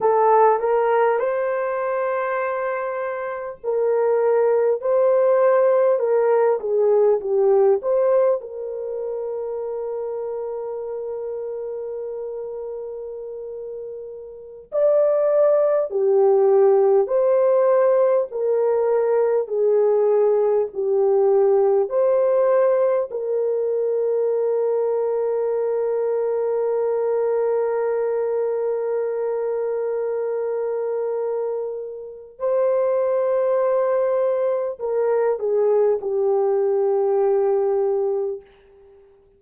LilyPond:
\new Staff \with { instrumentName = "horn" } { \time 4/4 \tempo 4 = 50 a'8 ais'8 c''2 ais'4 | c''4 ais'8 gis'8 g'8 c''8 ais'4~ | ais'1~ | ais'16 d''4 g'4 c''4 ais'8.~ |
ais'16 gis'4 g'4 c''4 ais'8.~ | ais'1~ | ais'2. c''4~ | c''4 ais'8 gis'8 g'2 | }